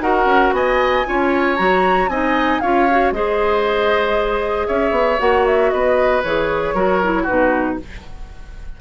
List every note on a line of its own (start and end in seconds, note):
0.00 0.25 D#4
0.00 1.04 F#4
0.00 0.54 A#4
0.00 0.53 F#5
0.25 0.51 C#4
0.52 1.04 B3
0.52 1.07 D#5
0.52 1.56 G#5
1.06 1.59 C#4
1.06 1.57 F4
1.06 2.10 C#5
1.56 2.08 F#3
1.56 2.08 F#4
1.56 2.08 A#5
2.08 2.59 C4
2.08 2.62 D#4
2.08 2.61 D#5
2.08 2.60 G#5
2.60 3.11 C#4
2.60 2.88 F4
2.60 3.13 C#5
2.60 3.11 F5
2.90 3.14 F#4
3.11 4.66 G#3
3.11 5.18 G#4
3.11 4.67 C5
3.11 4.67 D#5
4.67 4.91 C#4
4.67 5.70 C#5
4.67 5.19 E5
4.91 5.17 B3
5.18 5.72 A#3
5.18 6.22 F#4
5.18 5.45 F#5
5.46 5.70 E5
5.70 6.23 B3
5.70 6.74 B4
5.70 6.21 D#5
6.22 6.73 E3
6.22 6.75 G#4
6.22 7.25 C#5
6.73 7.25 F#3
6.73 7.01 F#4
6.73 7.22 A#4
7.03 7.27 E4
7.22 7.79 D#4
7.22 7.74 F#4
7.22 7.77 B4
7.29 7.80 B2